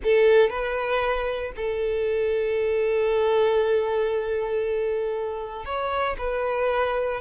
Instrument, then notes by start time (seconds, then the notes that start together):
violin
0.03 A4
0.49 B4
1.56 A4
5.65 C#5
6.18 B4